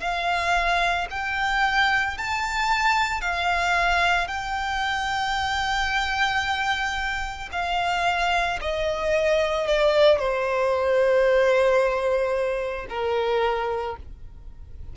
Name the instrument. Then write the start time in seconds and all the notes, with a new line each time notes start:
violin
0.00 F5
1.11 G5
2.17 A5
3.21 F5
4.28 G5
7.52 F5
8.61 D#5
9.67 D5
10.18 C5
12.89 A#4